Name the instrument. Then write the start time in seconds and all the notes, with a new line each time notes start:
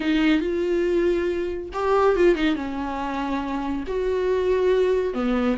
viola
0.00 D#4
0.41 F4
1.73 G4
2.16 F4
2.35 D#4
2.55 C#4
3.87 F#4
5.13 B3